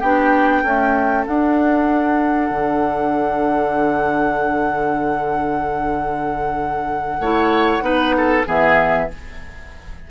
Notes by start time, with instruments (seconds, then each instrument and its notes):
0.00 bassoon B3, clarinet D4, oboe G4, flute G5
0.62 clarinet A3, bassoon C#4, oboe A4
1.26 clarinet D4, bassoon D4, flute F#5
2.51 bassoon D3
7.20 bassoon A3, clarinet E4, oboe C#5
7.81 bassoon B3, clarinet D#4, oboe B4
8.17 oboe A4
8.46 bassoon E3, clarinet B3, oboe G#4, flute E5